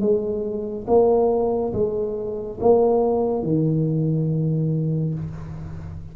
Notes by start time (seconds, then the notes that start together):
0.00 G#3
0.87 A#3
1.73 G#3
2.60 A#3
3.42 D#3